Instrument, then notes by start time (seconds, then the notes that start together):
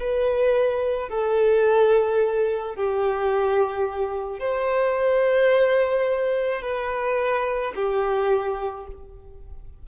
violin
0.00 B4
1.09 A4
2.75 G4
4.39 C5
6.62 B4
7.75 G4